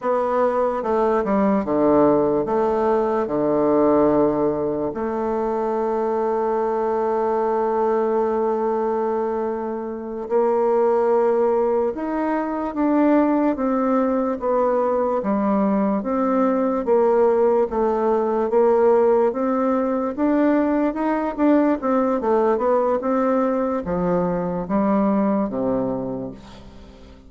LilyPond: \new Staff \with { instrumentName = "bassoon" } { \time 4/4 \tempo 4 = 73 b4 a8 g8 d4 a4 | d2 a2~ | a1~ | a8 ais2 dis'4 d'8~ |
d'8 c'4 b4 g4 c'8~ | c'8 ais4 a4 ais4 c'8~ | c'8 d'4 dis'8 d'8 c'8 a8 b8 | c'4 f4 g4 c4 | }